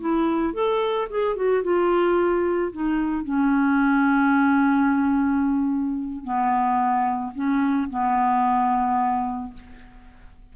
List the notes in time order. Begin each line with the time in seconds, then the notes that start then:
0.00 E4
0.54 A4
1.10 G#4
1.36 F#4
1.63 F4
2.72 D#4
3.24 C#4
6.24 B3
7.35 C#4
7.90 B3